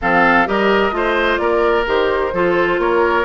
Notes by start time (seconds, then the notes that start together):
0.01 F3 C4 A4 F5
0.46 G3 G4 A#4 D#5
0.91 A3 F4 C5
1.37 A#3 A#4 D5
1.85 D#3 G4 C5
2.32 F3 F4 A4
2.78 A#3 A#4 C#5